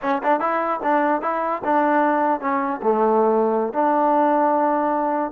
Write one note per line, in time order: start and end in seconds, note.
0.02 0.22 C#4
0.23 0.40 D4
0.40 0.80 E4
0.82 1.21 D4
1.21 1.62 E4
1.64 2.40 D4
2.40 2.80 C#4
2.82 3.73 A3
3.73 5.31 D4